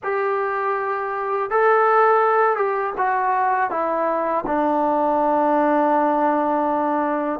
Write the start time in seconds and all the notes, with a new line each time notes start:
0.03 G4
1.50 A4
2.56 G4
2.97 F#4
3.70 E4
4.46 D4